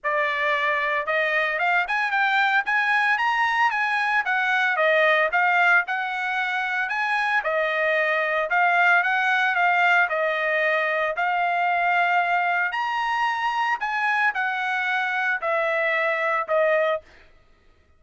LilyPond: \new Staff \with { instrumentName = "trumpet" } { \time 4/4 \tempo 4 = 113 d''2 dis''4 f''8 gis''8 | g''4 gis''4 ais''4 gis''4 | fis''4 dis''4 f''4 fis''4~ | fis''4 gis''4 dis''2 |
f''4 fis''4 f''4 dis''4~ | dis''4 f''2. | ais''2 gis''4 fis''4~ | fis''4 e''2 dis''4 | }